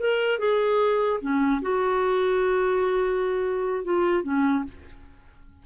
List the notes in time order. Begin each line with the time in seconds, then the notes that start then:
0.00 A#4
0.39 G#4
1.21 C#4
1.62 F#4
3.85 F4
4.24 C#4